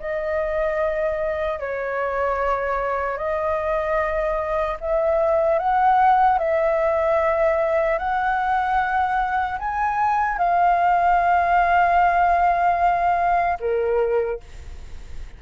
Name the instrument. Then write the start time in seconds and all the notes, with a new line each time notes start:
flute
0.00 D#5
1.60 C#5
3.17 D#5
4.81 E5
5.59 F#5
6.39 E5
7.99 F#5
9.59 G#5
10.39 F5
13.60 A#4